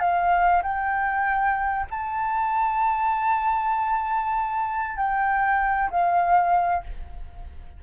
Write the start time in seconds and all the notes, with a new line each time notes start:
0.00 F5
0.63 G5
1.90 A5
4.97 G5
5.91 F5